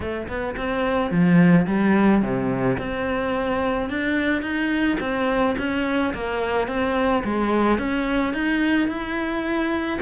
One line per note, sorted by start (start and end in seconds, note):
0.00 0.27 A3
0.28 0.55 B3
0.56 1.11 C4
1.11 1.66 F3
1.66 2.22 G3
2.22 2.77 C3
2.78 3.89 C4
3.89 4.42 D4
4.42 4.97 D#4
4.99 5.55 C4
5.58 6.13 C#4
6.14 6.67 A#3
6.67 7.23 C4
7.24 7.78 G#3
7.78 8.33 C#4
8.33 8.88 D#4
8.88 9.99 E4